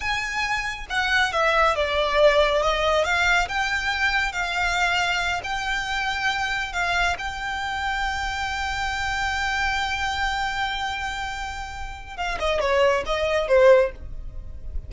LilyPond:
\new Staff \with { instrumentName = "violin" } { \time 4/4 \tempo 4 = 138 gis''2 fis''4 e''4 | d''2 dis''4 f''4 | g''2 f''2~ | f''8 g''2. f''8~ |
f''8 g''2.~ g''8~ | g''1~ | g''1 | f''8 dis''8 cis''4 dis''4 c''4 | }